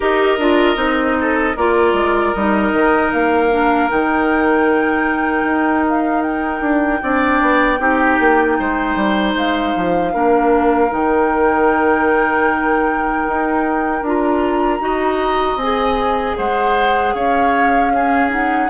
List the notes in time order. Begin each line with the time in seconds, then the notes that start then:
0.00 D#4 G4 A#4 D#5
0.38 D4 F4
0.75 C4 D#4
1.20 A4
1.56 A#3 F4 A#4 D5
1.93 G#3
2.33 G3 D#4 D#5
2.73 D#3
3.12 A#3 F5
3.50 D4
3.89 D#3 D#4 G5
5.43 D#4
5.88 F5
6.21 G5
6.60 D4
7.02 C4 D4 D5
7.41 B3
7.78 C4 D#4 G4
8.19 A#3
8.59 G#3 C5
8.95 G3
9.35 G#3 F5
9.75 F3
10.12 A#3 D4 A#4
10.89 D#3 D#4 G5
13.27 D#4
14.01 D4 F4 A#5
14.79 D#4 F#4 D#5
15.56 C4 G#5
15.62 G#4
16.37 G#3 C5 F#5
17.13 C#4 C#5 F5
17.93 C#4 G#4
18.29 D#4 F#5